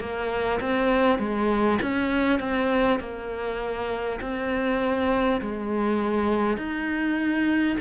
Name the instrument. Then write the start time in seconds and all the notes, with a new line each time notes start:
cello
0.00 A#3
0.61 C4
1.19 G#3
1.82 C#4
2.40 C4
2.99 A#3
4.21 C4
5.41 G#3
6.57 D#4